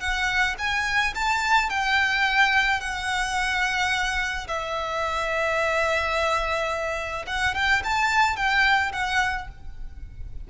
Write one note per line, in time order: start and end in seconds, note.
0.00 0.56 F#5
0.58 1.14 G#5
1.15 1.69 A5
1.69 2.80 G5
2.80 4.47 F#5
4.47 7.25 E5
7.27 7.54 F#5
7.54 7.82 G5
7.84 8.36 A5
8.36 8.92 G5
8.92 9.48 F#5